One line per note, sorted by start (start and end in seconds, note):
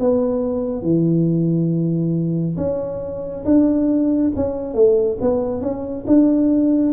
0.00 0.83 B3
0.83 2.57 E3
2.57 3.44 C#4
3.45 4.32 D4
4.36 4.74 C#4
4.74 5.18 A3
5.21 5.62 B3
5.62 6.05 C#4
6.07 6.93 D4